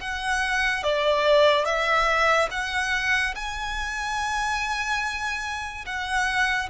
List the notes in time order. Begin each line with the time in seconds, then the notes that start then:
0.00 F#5
0.83 D5
1.65 E5
2.50 F#5
3.35 G#5
5.86 F#5